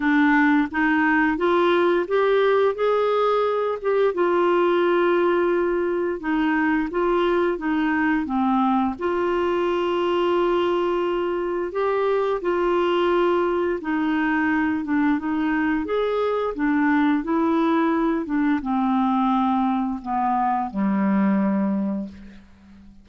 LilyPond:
\new Staff \with { instrumentName = "clarinet" } { \time 4/4 \tempo 4 = 87 d'4 dis'4 f'4 g'4 | gis'4. g'8 f'2~ | f'4 dis'4 f'4 dis'4 | c'4 f'2.~ |
f'4 g'4 f'2 | dis'4. d'8 dis'4 gis'4 | d'4 e'4. d'8 c'4~ | c'4 b4 g2 | }